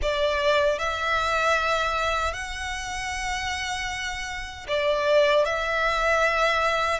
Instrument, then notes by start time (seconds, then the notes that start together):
violin
0.02 D5
0.78 E5
2.33 F#5
4.68 D5
5.45 E5